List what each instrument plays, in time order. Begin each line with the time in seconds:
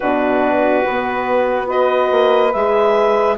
0.00 bassoon B2, horn D4, saxophone F#4, clarinet B4
0.85 bassoon B3, horn B3
1.66 horn F#4, saxophone B4, clarinet D#5
2.11 bassoon A#3
2.52 bassoon G#3, horn G#4, clarinet E5